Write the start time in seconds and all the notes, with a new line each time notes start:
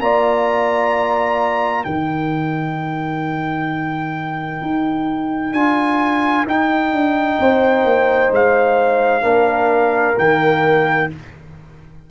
0.00 A#3 F4 D5 A#5
1.84 D#3 D#4 A#4 G5
4.61 D#4
5.52 D4 F4 G#5
6.46 D#4 G5
6.92 D4
7.39 C4 C5
7.84 A#3
8.31 G#3 F5
9.22 A#3 D4 A#4
10.17 D#3 A#3 G5